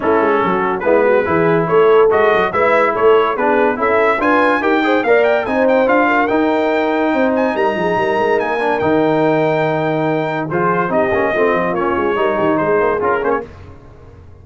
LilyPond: <<
  \new Staff \with { instrumentName = "trumpet" } { \time 4/4 \tempo 4 = 143 a'2 b'2 | cis''4 dis''4 e''4 cis''4 | b'4 e''4 gis''4 g''4 | f''8 g''8 gis''8 g''8 f''4 g''4~ |
g''4. gis''8 ais''2 | gis''4 g''2.~ | g''4 c''4 dis''2 | cis''2 c''4 ais'8 c''16 cis''16 | }
  \new Staff \with { instrumentName = "horn" } { \time 4/4 e'4 fis'4 e'8 fis'8 gis'4 | a'2 b'4 a'4 | gis'4 a'4 b'4 ais'8 c''8 | d''4 c''4. ais'4.~ |
ais'4 c''4 ais'8 gis'8 ais'4~ | ais'1~ | ais'4 gis'4 g'4 f'4~ | f'4 ais'8 g'8 gis'2 | }
  \new Staff \with { instrumentName = "trombone" } { \time 4/4 cis'2 b4 e'4~ | e'4 fis'4 e'2 | d'4 e'4 f'4 g'8 gis'8 | ais'4 dis'4 f'4 dis'4~ |
dis'1~ | dis'8 d'8 dis'2.~ | dis'4 f'4 dis'8 cis'8 c'4 | cis'4 dis'2 f'8 cis'8 | }
  \new Staff \with { instrumentName = "tuba" } { \time 4/4 a8 gis8 fis4 gis4 e4 | a4 gis8 fis8 gis4 a4 | b4 cis'4 d'4 dis'4 | ais4 c'4 d'4 dis'4~ |
dis'4 c'4 g8 f8 g8 gis8 | ais4 dis2.~ | dis4 f4 c'8 ais8 a8 f8 | ais8 gis8 g8 dis8 gis8 ais8 cis'8 ais8 | }
>>